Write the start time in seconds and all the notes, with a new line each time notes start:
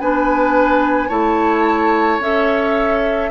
0.00 B3 D4 B4 G#5
1.09 A3 E4 C#5 A5
2.19 C#4 A4 E5